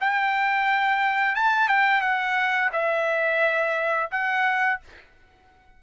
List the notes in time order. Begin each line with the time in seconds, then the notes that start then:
0.00 G5
1.35 A5
1.68 G5
2.01 F#5
2.72 E5
4.11 F#5